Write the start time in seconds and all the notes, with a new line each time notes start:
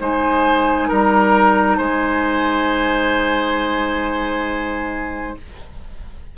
0.00 G#3 D#4 C5 G#5
0.89 G3 A#4 A#5
1.78 G#3 C5 G#5